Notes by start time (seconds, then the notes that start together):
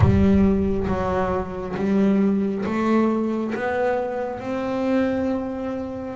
0.00 G3
0.87 F#3
1.76 G3
2.65 A3
3.55 B3
4.40 C4